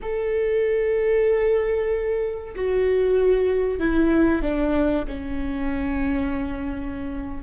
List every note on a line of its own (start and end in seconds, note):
0.02 2.54 A4
2.55 3.79 F#4
3.79 4.42 E4
4.42 5.05 D4
5.07 7.43 C#4